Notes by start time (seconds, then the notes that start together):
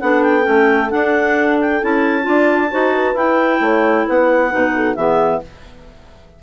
0.00 B3 D4 A4 F#5
0.22 G5
0.42 A3 C#4
0.90 D4 F#5
1.61 G5
1.81 C#4 E4 A5
2.22 D4 F4 D5
2.71 D#4 F#4 C5
2.94 B4
3.14 E4 G5
3.60 A3 C#5
4.06 B3 B4 F#5
4.50 B2 D#4
4.76 A4
4.95 E3 B3 G#4 E5